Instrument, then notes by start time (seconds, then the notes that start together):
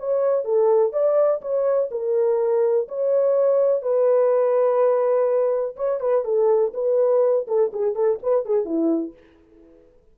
horn
0.00 C#5
0.45 A4
0.93 D5
1.42 C#5
1.92 A#4
2.89 C#5
3.83 B4
5.77 C#5
6.01 B4
6.25 A4
6.74 B4
7.48 A4
7.74 G#4
7.95 A4
8.23 B4
8.46 G#4
8.66 E4